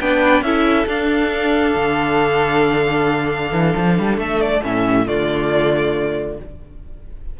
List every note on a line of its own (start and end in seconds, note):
0.00 0.41 B3
0.00 0.44 D4
0.00 0.44 B4
0.00 0.43 G5
0.41 0.85 C#4
0.41 0.86 E4
0.41 4.86 A4
0.41 0.87 E5
0.86 4.61 D4
0.86 1.74 D4
0.86 4.19 F5
1.75 3.52 D3
3.52 3.74 E3
3.76 3.98 F3
3.98 4.17 G3
4.17 4.61 A3
4.17 4.41 E5
4.41 4.63 D5
4.62 5.07 A2
4.62 5.06 C#4
4.62 5.07 E5
4.86 5.05 G4
5.05 6.39 D3
5.05 6.38 A3
5.05 6.37 F4
5.05 6.39 D5